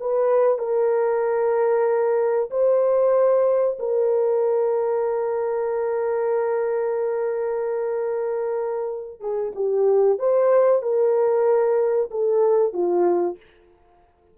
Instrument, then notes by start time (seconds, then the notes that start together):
horn
0.00 B4
0.59 A#4
2.51 C5
3.79 A#4
9.21 G#4
9.55 G4
10.19 C5
10.83 A#4
12.11 A4
12.73 F4